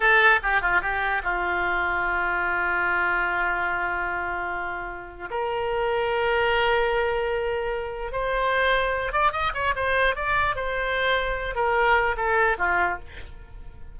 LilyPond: \new Staff \with { instrumentName = "oboe" } { \time 4/4 \tempo 4 = 148 a'4 g'8 f'8 g'4 f'4~ | f'1~ | f'1~ | f'4 ais'2.~ |
ais'1 | c''2~ c''8 d''8 dis''8 cis''8 | c''4 d''4 c''2~ | c''8 ais'4. a'4 f'4 | }